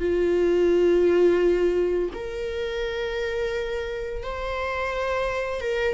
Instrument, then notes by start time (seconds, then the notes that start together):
viola
0.00 F4
2.14 A#4
4.23 C5
5.61 A#4